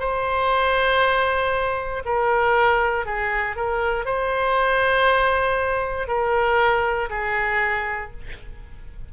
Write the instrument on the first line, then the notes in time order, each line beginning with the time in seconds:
oboe
0.00 C5
2.05 A#4
3.06 G#4
3.56 A#4
4.06 C5
6.08 A#4
7.10 G#4